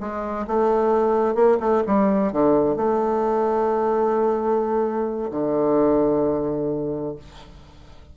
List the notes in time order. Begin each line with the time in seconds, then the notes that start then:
0.00 G#3
0.47 A3
1.35 A#3
1.60 A3
1.87 G3
2.33 D3
2.77 A3
5.31 D3